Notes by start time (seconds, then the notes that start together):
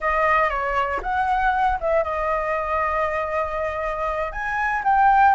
0.00 D#5
0.49 C#5
1.02 F#5
1.80 E5
2.03 D#5
4.32 G#5
4.84 G5